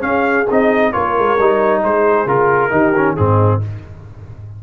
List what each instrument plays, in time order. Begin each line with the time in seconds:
0.00 trombone C#4, tuba C#4, trumpet F5
0.07 horn G#4
0.50 tuba C4, trombone D#4, trumpet D#5
0.92 tuba A#3, trombone F4, horn A#4, trumpet C#5
1.18 tuba G#3
1.39 tuba G3, trombone D#4
1.84 tuba G#3, horn G#4, trumpet C5
2.26 tuba C#3, trombone F4, trumpet A#4
2.71 tuba D#3, trombone D#4, horn G4
2.96 trombone C#4
3.16 tuba G#2, trombone C4, horn D#4, trumpet G#4